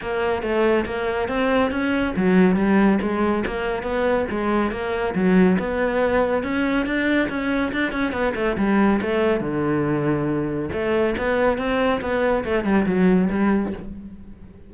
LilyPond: \new Staff \with { instrumentName = "cello" } { \time 4/4 \tempo 4 = 140 ais4 a4 ais4 c'4 | cis'4 fis4 g4 gis4 | ais4 b4 gis4 ais4 | fis4 b2 cis'4 |
d'4 cis'4 d'8 cis'8 b8 a8 | g4 a4 d2~ | d4 a4 b4 c'4 | b4 a8 g8 fis4 g4 | }